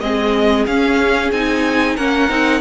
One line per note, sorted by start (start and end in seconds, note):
0.00 0.67 G#3
0.00 0.67 C4
0.00 1.96 G#4
0.00 0.65 D#5
0.66 1.32 C#4
0.66 1.34 C#4
0.66 1.32 F5
1.32 1.97 C4
1.32 1.98 D#4
1.32 1.97 G#5
1.96 2.30 A#3
1.96 2.29 C#4
1.96 2.61 A#4
1.96 2.61 F#5
2.29 2.61 C4
2.29 2.61 D#4